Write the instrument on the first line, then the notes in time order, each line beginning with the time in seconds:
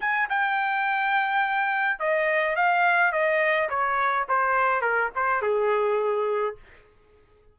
trumpet
0.00 G#5
0.29 G5
1.99 D#5
2.56 F5
3.12 D#5
3.69 C#5
4.29 C5
4.81 A#4
5.15 C5
5.42 G#4